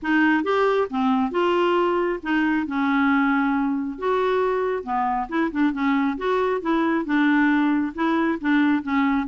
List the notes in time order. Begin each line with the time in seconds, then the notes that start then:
0.02 D#4
0.43 G4
0.90 C4
1.31 F4
2.23 D#4
2.67 C#4
3.98 F#4
4.83 B3
5.28 E4
5.51 D4
5.73 C#4
6.17 F#4
6.61 E4
7.05 D4
7.94 E4
8.40 D4
8.83 C#4